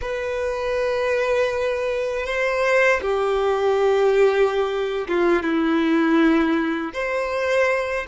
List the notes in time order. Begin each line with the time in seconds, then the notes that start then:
0.01 B4
2.25 C5
3.01 G4
5.08 F4
5.42 E4
6.93 C5